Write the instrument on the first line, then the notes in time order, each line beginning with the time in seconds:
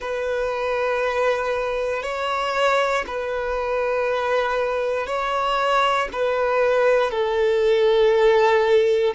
violin
0.00 B4
2.02 C#5
3.06 B4
5.06 C#5
6.12 B4
7.10 A4